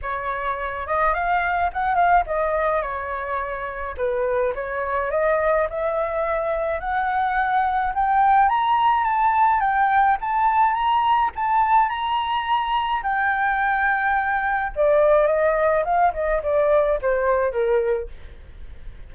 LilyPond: \new Staff \with { instrumentName = "flute" } { \time 4/4 \tempo 4 = 106 cis''4. dis''8 f''4 fis''8 f''8 | dis''4 cis''2 b'4 | cis''4 dis''4 e''2 | fis''2 g''4 ais''4 |
a''4 g''4 a''4 ais''4 | a''4 ais''2 g''4~ | g''2 d''4 dis''4 | f''8 dis''8 d''4 c''4 ais'4 | }